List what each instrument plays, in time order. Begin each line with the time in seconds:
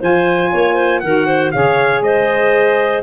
0.00 tuba F3, saxophone F4, clarinet C5, trumpet G#5
0.52 tuba A#3, clarinet C#5
0.75 clarinet C5
1.00 tuba D#3, saxophone F#4, clarinet A#4, trumpet F#5
1.27 clarinet C5
1.52 tuba C#3, saxophone G#4, clarinet C#5, trumpet F5
2.01 tuba G#3, clarinet C5, trumpet D#5